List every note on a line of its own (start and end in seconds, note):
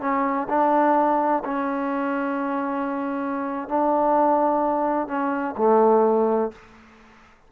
0.00 0.47 C#4
0.49 1.43 D4
1.44 3.68 C#4
3.68 5.07 D4
5.07 5.55 C#4
5.57 6.52 A3